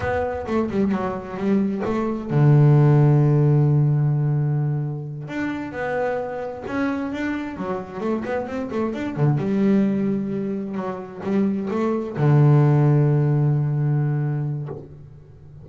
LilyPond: \new Staff \with { instrumentName = "double bass" } { \time 4/4 \tempo 4 = 131 b4 a8 g8 fis4 g4 | a4 d2.~ | d2.~ d8 d'8~ | d'8 b2 cis'4 d'8~ |
d'8 fis4 a8 b8 c'8 a8 d'8 | d8 g2. fis8~ | fis8 g4 a4 d4.~ | d1 | }